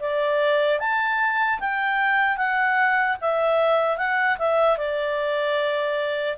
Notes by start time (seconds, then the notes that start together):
0.00 D5
0.80 A5
1.60 G5
2.37 F#5
3.21 E5
3.97 F#5
4.39 E5
4.78 D5